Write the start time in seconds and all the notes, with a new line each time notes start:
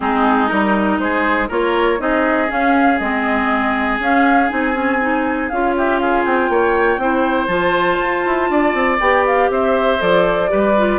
0.00 G#3 C4 D#4 G#4
0.48 G3 D#4 A#4
0.99 G#3 G#4 C5
1.48 A#3 F4 A#4 C#5
1.98 C4 D#4 G#4 D#5
2.47 C#4 F5
2.98 G#3 C4 D#5
3.99 C#4 F5
4.49 C4 D#4 G#5
4.73 C#4
5.00 D#4
5.49 C#4 F4 F5
5.77 G4 E5
5.98 G#4 F5
6.25 C4 G5
6.49 A#3 C#5
6.97 C4 E4 C5
7.47 F3 F4 A5
8.00 F4
8.25 E4
8.49 D4 D5
8.74 C4
9.00 B3 G4 G5
9.26 F5
9.49 C4 C5 E5
9.99 F3 A4 D5
10.48 G3 G4 B4
10.77 F4